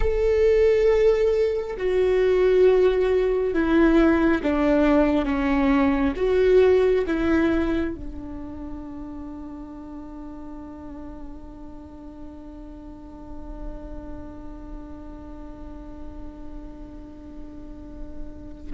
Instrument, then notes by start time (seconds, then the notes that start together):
viola
0.00 A4
1.76 F#4
3.53 E4
4.42 D4
5.25 C#4
6.16 F#4
7.06 E4
7.95 D4